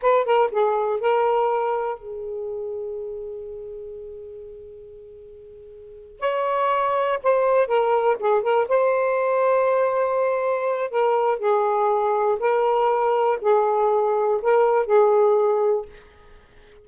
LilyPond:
\new Staff \with { instrumentName = "saxophone" } { \time 4/4 \tempo 4 = 121 b'8 ais'8 gis'4 ais'2 | gis'1~ | gis'1~ | gis'8 cis''2 c''4 ais'8~ |
ais'8 gis'8 ais'8 c''2~ c''8~ | c''2 ais'4 gis'4~ | gis'4 ais'2 gis'4~ | gis'4 ais'4 gis'2 | }